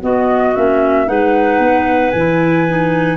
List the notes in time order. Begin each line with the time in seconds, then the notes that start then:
0.00 B3 F#4 D#5
0.55 A#3 C#4 E5
1.06 G#3 D#4 B4 F#5
1.59 B3
2.11 E3 E4 G#5
2.68 D#4